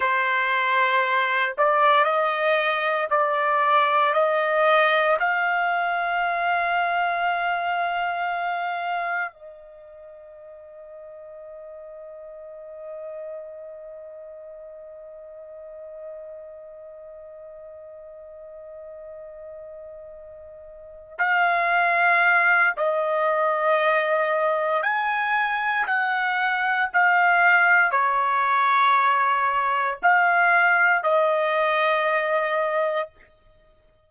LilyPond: \new Staff \with { instrumentName = "trumpet" } { \time 4/4 \tempo 4 = 58 c''4. d''8 dis''4 d''4 | dis''4 f''2.~ | f''4 dis''2.~ | dis''1~ |
dis''1~ | dis''8 f''4. dis''2 | gis''4 fis''4 f''4 cis''4~ | cis''4 f''4 dis''2 | }